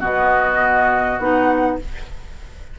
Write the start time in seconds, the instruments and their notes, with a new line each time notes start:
0.00 bassoon B2, clarinet B3, oboe F#4, flute D#5
1.19 bassoon B3, clarinet D#4, flute F#5